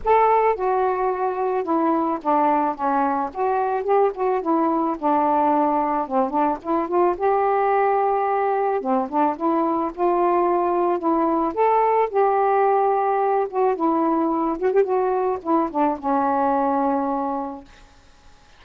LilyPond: \new Staff \with { instrumentName = "saxophone" } { \time 4/4 \tempo 4 = 109 a'4 fis'2 e'4 | d'4 cis'4 fis'4 g'8 fis'8 | e'4 d'2 c'8 d'8 | e'8 f'8 g'2. |
c'8 d'8 e'4 f'2 | e'4 a'4 g'2~ | g'8 fis'8 e'4. fis'16 g'16 fis'4 | e'8 d'8 cis'2. | }